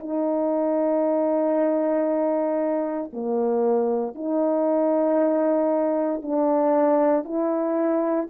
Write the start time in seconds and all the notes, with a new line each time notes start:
0.00 D#4
3.13 A#3
4.15 D#4
6.22 D4
7.25 E4